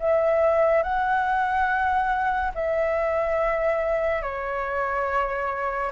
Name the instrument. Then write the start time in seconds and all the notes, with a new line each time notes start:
flute
0.00 E5
0.83 F#5
2.55 E5
4.23 C#5